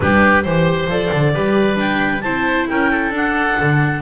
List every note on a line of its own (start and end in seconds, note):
0.00 0.45 G3
0.00 0.44 D4
0.00 0.42 G4
0.00 0.44 B4
0.42 0.86 E3
0.42 0.90 G4
0.42 1.32 C5
0.42 0.89 C5
0.86 1.09 F3
0.86 1.33 A4
0.86 1.79 D5
1.12 1.35 D3
1.33 2.24 G3
1.33 1.74 G4
1.33 2.23 B4
1.74 2.19 D4
1.74 2.21 G5
2.21 2.68 C4
2.21 3.14 E4
2.21 2.68 C5
2.21 2.66 A5
2.68 3.10 C#4
2.68 2.90 A#4
2.68 3.13 G5
2.90 4.02 A4
3.10 3.55 D4
3.10 4.02 D4
3.10 4.02 F#5
3.60 4.02 D3